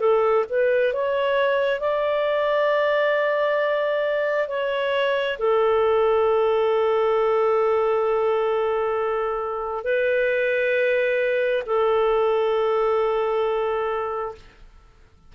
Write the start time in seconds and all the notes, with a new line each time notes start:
0.00 A4
0.49 B4
0.93 C#5
1.80 D5
4.48 C#5
5.39 A4
9.84 B4
11.66 A4